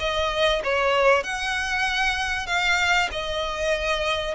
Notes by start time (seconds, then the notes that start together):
0.00 D#5
0.64 C#5
1.24 F#5
2.47 F5
3.12 D#5